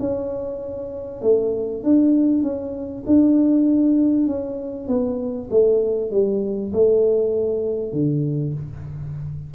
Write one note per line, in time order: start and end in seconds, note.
0.00 1.22 C#4
1.22 1.83 A3
1.84 2.43 D4
2.43 3.04 C#4
3.07 4.27 D4
4.27 4.88 C#4
4.88 5.49 B3
5.51 6.11 A3
6.11 6.72 G3
6.73 7.93 A3
7.93 8.54 D3